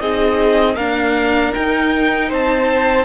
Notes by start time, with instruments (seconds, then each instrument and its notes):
0.00 cello C4, viola D#4, violin G#4 D#5
0.74 viola A#3, cello D4, violin A#4 F5
1.51 viola D#4, cello D#4, violin G5
2.28 cello C4, violin C5 A5